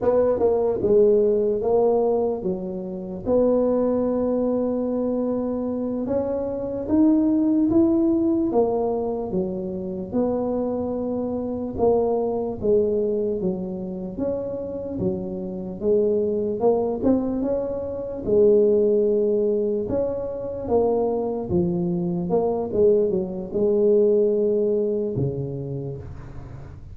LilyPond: \new Staff \with { instrumentName = "tuba" } { \time 4/4 \tempo 4 = 74 b8 ais8 gis4 ais4 fis4 | b2.~ b8 cis'8~ | cis'8 dis'4 e'4 ais4 fis8~ | fis8 b2 ais4 gis8~ |
gis8 fis4 cis'4 fis4 gis8~ | gis8 ais8 c'8 cis'4 gis4.~ | gis8 cis'4 ais4 f4 ais8 | gis8 fis8 gis2 cis4 | }